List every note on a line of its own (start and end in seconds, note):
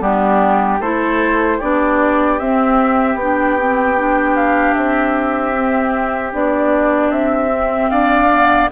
0.00 0.79 G3
0.00 0.79 B3
0.00 0.80 D4
0.00 0.81 G4
0.80 1.59 A3
0.80 1.61 E4
0.80 1.58 A4
0.80 1.60 C5
1.58 2.40 B3
1.58 2.40 D4
1.58 7.89 G4
1.58 2.39 D5
2.39 3.15 C4
2.39 3.19 C4
2.39 3.18 E5
3.15 4.73 B3
3.15 3.59 D4
3.15 4.36 G5
3.59 3.97 C4
3.97 5.54 D4
4.36 4.74 F5
4.74 6.33 C4
4.74 6.32 E5
5.54 6.32 C4
6.32 7.11 B3
6.32 7.50 D4
6.32 7.11 D5
7.11 7.90 C4
7.11 7.90 E5
7.50 8.28 C4
7.90 8.69 D4
7.90 8.70 D5
7.90 8.69 F5
8.31 8.70 B3